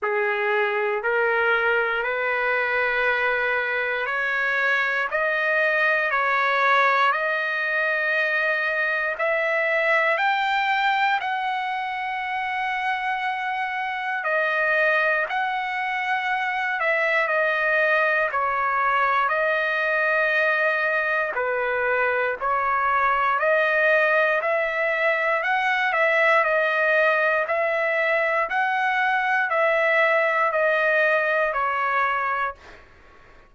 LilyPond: \new Staff \with { instrumentName = "trumpet" } { \time 4/4 \tempo 4 = 59 gis'4 ais'4 b'2 | cis''4 dis''4 cis''4 dis''4~ | dis''4 e''4 g''4 fis''4~ | fis''2 dis''4 fis''4~ |
fis''8 e''8 dis''4 cis''4 dis''4~ | dis''4 b'4 cis''4 dis''4 | e''4 fis''8 e''8 dis''4 e''4 | fis''4 e''4 dis''4 cis''4 | }